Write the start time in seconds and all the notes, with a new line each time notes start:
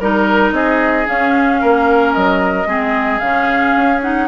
0.00 G3 D#4 A#4
0.52 C4 G#4 D#5
1.06 C#4 F5
1.61 A#3 A#4
2.13 F#3 D#5
2.66 G#3 C4 G#4
3.19 C#3 C#4 F5
3.77 C#4
4.02 D#4 F#5